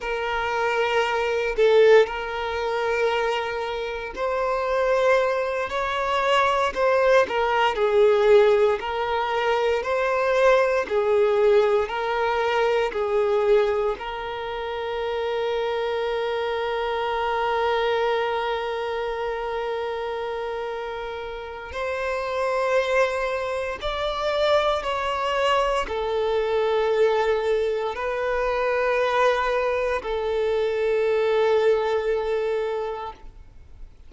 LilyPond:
\new Staff \with { instrumentName = "violin" } { \time 4/4 \tempo 4 = 58 ais'4. a'8 ais'2 | c''4. cis''4 c''8 ais'8 gis'8~ | gis'8 ais'4 c''4 gis'4 ais'8~ | ais'8 gis'4 ais'2~ ais'8~ |
ais'1~ | ais'4 c''2 d''4 | cis''4 a'2 b'4~ | b'4 a'2. | }